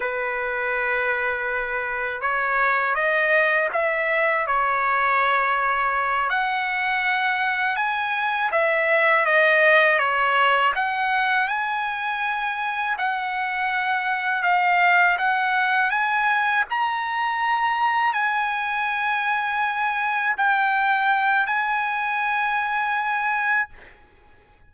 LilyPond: \new Staff \with { instrumentName = "trumpet" } { \time 4/4 \tempo 4 = 81 b'2. cis''4 | dis''4 e''4 cis''2~ | cis''8 fis''2 gis''4 e''8~ | e''8 dis''4 cis''4 fis''4 gis''8~ |
gis''4. fis''2 f''8~ | f''8 fis''4 gis''4 ais''4.~ | ais''8 gis''2. g''8~ | g''4 gis''2. | }